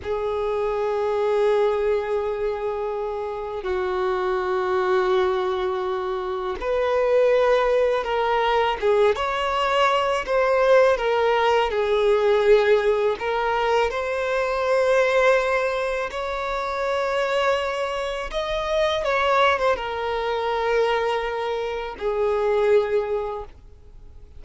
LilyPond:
\new Staff \with { instrumentName = "violin" } { \time 4/4 \tempo 4 = 82 gis'1~ | gis'4 fis'2.~ | fis'4 b'2 ais'4 | gis'8 cis''4. c''4 ais'4 |
gis'2 ais'4 c''4~ | c''2 cis''2~ | cis''4 dis''4 cis''8. c''16 ais'4~ | ais'2 gis'2 | }